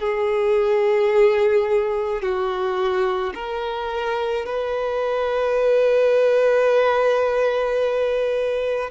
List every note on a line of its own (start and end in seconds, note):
0.00 2.22 G#4
2.22 3.33 F#4
3.34 4.45 A#4
4.46 8.90 B4